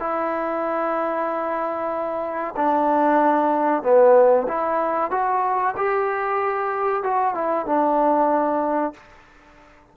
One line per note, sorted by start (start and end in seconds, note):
0.00 2.55 E4
2.57 3.83 D4
3.83 4.47 B3
4.48 5.11 E4
5.11 5.75 F#4
5.77 7.04 G4
7.04 7.35 F#4
7.35 7.66 E4
7.66 8.94 D4